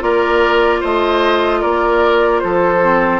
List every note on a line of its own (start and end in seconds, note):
0.00 0.82 A#3
0.00 2.80 F4
0.00 0.81 A#4
0.00 0.83 D5
0.81 1.63 A3
0.81 1.61 C5
0.81 1.62 D#5
1.61 2.43 A#3
1.61 2.41 A#4
1.61 2.40 D5
2.40 3.20 F3
2.40 3.20 A4
2.40 3.20 C5
2.82 3.20 C4